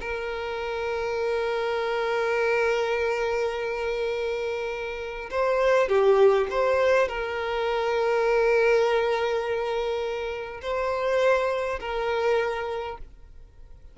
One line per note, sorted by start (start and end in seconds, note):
0.00 5.29 A#4
5.30 5.89 C5
5.89 6.47 G4
6.50 7.08 C5
7.08 10.61 A#4
10.61 11.79 C5
11.80 12.97 A#4